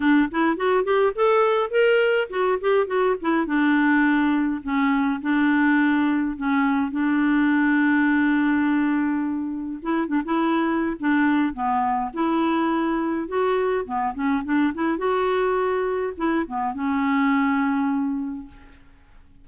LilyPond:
\new Staff \with { instrumentName = "clarinet" } { \time 4/4 \tempo 4 = 104 d'8 e'8 fis'8 g'8 a'4 ais'4 | fis'8 g'8 fis'8 e'8 d'2 | cis'4 d'2 cis'4 | d'1~ |
d'4 e'8 d'16 e'4~ e'16 d'4 | b4 e'2 fis'4 | b8 cis'8 d'8 e'8 fis'2 | e'8 b8 cis'2. | }